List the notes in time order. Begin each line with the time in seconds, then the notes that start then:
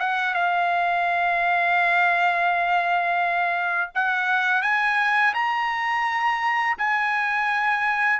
0.00 F#5
0.34 F5
3.95 F#5
4.62 G#5
5.34 A#5
6.78 G#5